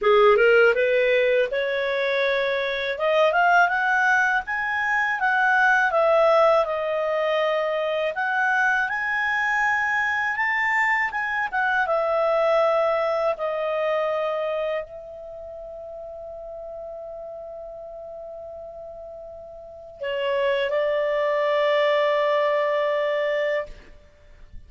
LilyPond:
\new Staff \with { instrumentName = "clarinet" } { \time 4/4 \tempo 4 = 81 gis'8 ais'8 b'4 cis''2 | dis''8 f''8 fis''4 gis''4 fis''4 | e''4 dis''2 fis''4 | gis''2 a''4 gis''8 fis''8 |
e''2 dis''2 | e''1~ | e''2. cis''4 | d''1 | }